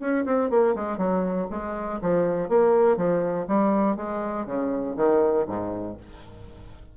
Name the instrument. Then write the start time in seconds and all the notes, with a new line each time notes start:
bassoon
0.00 C#4
0.25 C4
0.50 A#3
0.75 G#3
0.98 F#3
1.51 G#3
2.02 F3
2.49 A#3
2.97 F3
3.48 G3
3.96 G#3
4.46 C#3
4.97 D#3
5.47 G#2